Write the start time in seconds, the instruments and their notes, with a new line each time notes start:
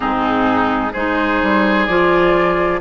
0.00 bassoon G#2, clarinet C4, oboe D#4, flute G#4
0.93 bassoon G#3, clarinet D#4, oboe G#4, flute C5
1.42 bassoon G3
1.86 bassoon F3, clarinet F4, flute D5